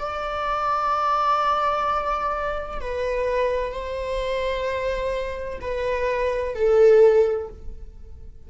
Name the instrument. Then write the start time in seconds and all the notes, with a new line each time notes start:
viola
0.00 D5
2.81 B4
3.72 C5
5.61 B4
6.55 A4